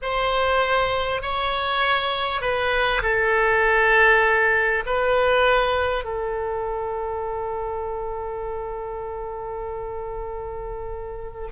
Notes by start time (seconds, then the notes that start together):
0.02 C5
1.21 C#5
2.41 B4
3.02 A4
4.86 B4
6.04 A4